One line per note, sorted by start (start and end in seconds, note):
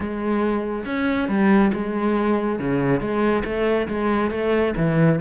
0.00 0.85 G#3
0.85 1.28 C#4
1.28 1.71 G3
1.73 2.59 G#3
2.59 3.00 C#3
3.00 3.43 G#3
3.44 3.87 A3
3.88 4.30 G#3
4.30 4.74 A3
4.77 5.20 E3